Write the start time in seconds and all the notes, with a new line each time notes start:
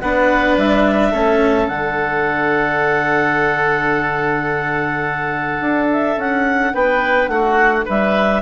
0.00 B3 D4 B4 F#5
0.57 G3 E5
1.11 A3 C#4 A4
1.67 D3 D4 F#5
5.61 D4
5.92 E5
6.16 C#4 F#5
6.74 B3 B4 G5
7.28 A3 F#4 F#5
7.85 G3 B4 E5